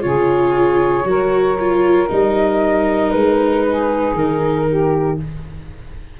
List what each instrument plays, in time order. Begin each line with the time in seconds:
0.00 tuba C#3, viola F4, saxophone G#4, flute C#5
1.05 tuba F#3, viola F#4, saxophone A#4
1.59 viola F4
2.09 tuba G3, viola D#4, flute D#5
3.11 tuba G#3, flute B4
3.67 saxophone G#4
4.14 tuba D#3, flute A#4
4.68 saxophone G4